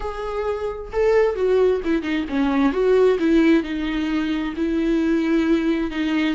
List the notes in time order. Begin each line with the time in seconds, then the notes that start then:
0.00 G#4
0.92 A4
1.35 F#4
1.84 E4
2.02 D#4
2.29 C#4
2.72 F#4
3.19 E4
3.63 D#4
4.56 E4
5.90 D#4